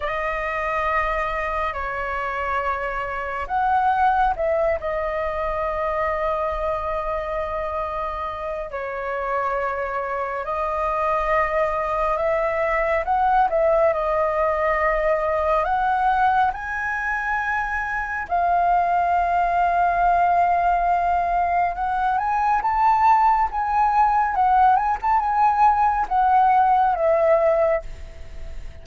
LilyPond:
\new Staff \with { instrumentName = "flute" } { \time 4/4 \tempo 4 = 69 dis''2 cis''2 | fis''4 e''8 dis''2~ dis''8~ | dis''2 cis''2 | dis''2 e''4 fis''8 e''8 |
dis''2 fis''4 gis''4~ | gis''4 f''2.~ | f''4 fis''8 gis''8 a''4 gis''4 | fis''8 gis''16 a''16 gis''4 fis''4 e''4 | }